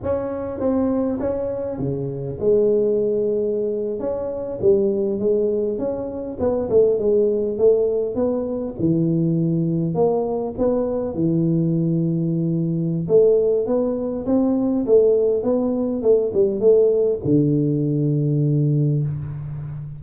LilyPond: \new Staff \with { instrumentName = "tuba" } { \time 4/4 \tempo 4 = 101 cis'4 c'4 cis'4 cis4 | gis2~ gis8. cis'4 g16~ | g8. gis4 cis'4 b8 a8 gis16~ | gis8. a4 b4 e4~ e16~ |
e8. ais4 b4 e4~ e16~ | e2 a4 b4 | c'4 a4 b4 a8 g8 | a4 d2. | }